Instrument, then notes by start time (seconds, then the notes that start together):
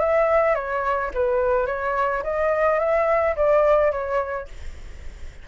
flute
0.00 E5
0.55 C#5
1.14 B4
1.67 C#5
2.24 D#5
2.79 E5
3.36 D5
3.92 C#5